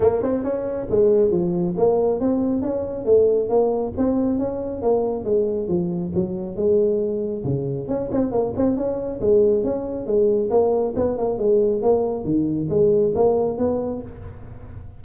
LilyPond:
\new Staff \with { instrumentName = "tuba" } { \time 4/4 \tempo 4 = 137 ais8 c'8 cis'4 gis4 f4 | ais4 c'4 cis'4 a4 | ais4 c'4 cis'4 ais4 | gis4 f4 fis4 gis4~ |
gis4 cis4 cis'8 c'8 ais8 c'8 | cis'4 gis4 cis'4 gis4 | ais4 b8 ais8 gis4 ais4 | dis4 gis4 ais4 b4 | }